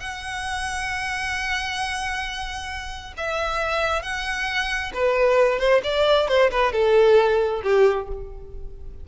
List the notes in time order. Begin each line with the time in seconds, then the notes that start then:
0.00 F#5
3.17 E5
4.02 F#5
4.94 B4
5.59 C5
5.84 D5
6.28 C5
6.51 B4
6.72 A4
7.63 G4